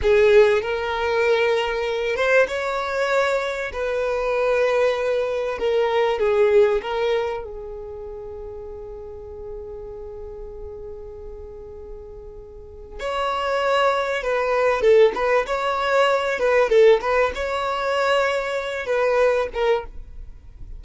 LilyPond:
\new Staff \with { instrumentName = "violin" } { \time 4/4 \tempo 4 = 97 gis'4 ais'2~ ais'8 c''8 | cis''2 b'2~ | b'4 ais'4 gis'4 ais'4 | gis'1~ |
gis'1~ | gis'4 cis''2 b'4 | a'8 b'8 cis''4. b'8 a'8 b'8 | cis''2~ cis''8 b'4 ais'8 | }